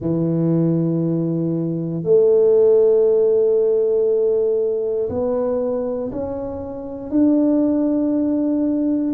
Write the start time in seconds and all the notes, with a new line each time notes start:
0.00 E3
2.03 A3
5.09 B3
6.12 C#4
7.10 D4